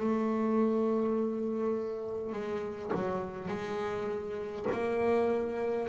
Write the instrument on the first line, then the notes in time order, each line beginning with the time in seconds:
double bass
0.00 A3
2.33 G#3
2.94 F#3
3.49 G#3
4.73 A#3